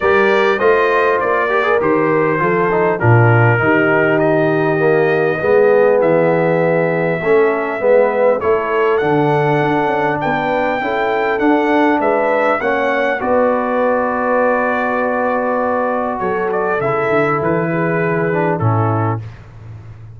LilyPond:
<<
  \new Staff \with { instrumentName = "trumpet" } { \time 4/4 \tempo 4 = 100 d''4 dis''4 d''4 c''4~ | c''4 ais'2 dis''4~ | dis''2 e''2~ | e''2 cis''4 fis''4~ |
fis''4 g''2 fis''4 | e''4 fis''4 d''2~ | d''2. cis''8 d''8 | e''4 b'2 a'4 | }
  \new Staff \with { instrumentName = "horn" } { \time 4/4 ais'4 c''4. ais'4. | a'4 f'4 g'2~ | g'4 gis'2. | a'4 b'4 a'2~ |
a'4 b'4 a'2 | b'4 cis''4 b'2~ | b'2. a'4~ | a'4. gis'4. e'4 | }
  \new Staff \with { instrumentName = "trombone" } { \time 4/4 g'4 f'4. g'16 gis'16 g'4 | f'8 dis'8 d'4 dis'2 | ais4 b2. | cis'4 b4 e'4 d'4~ |
d'2 e'4 d'4~ | d'4 cis'4 fis'2~ | fis'1 | e'2~ e'8 d'8 cis'4 | }
  \new Staff \with { instrumentName = "tuba" } { \time 4/4 g4 a4 ais4 dis4 | f4 ais,4 dis2~ | dis4 gis4 e2 | a4 gis4 a4 d4 |
d'8 cis'8 b4 cis'4 d'4 | gis4 ais4 b2~ | b2. fis4 | cis8 d8 e2 a,4 | }
>>